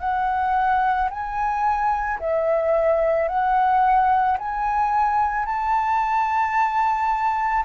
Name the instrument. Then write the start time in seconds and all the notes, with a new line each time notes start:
flute
0.00 F#5
1.11 G#5
2.20 E5
3.29 F#5
4.38 G#5
5.46 A5